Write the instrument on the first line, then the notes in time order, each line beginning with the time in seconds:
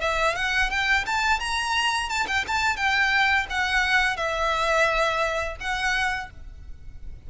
violin
0.00 E5
0.35 F#5
0.70 G5
1.06 A5
1.39 A#5
2.09 A5
2.27 G5
2.47 A5
2.77 G5
3.49 F#5
4.16 E5
5.60 F#5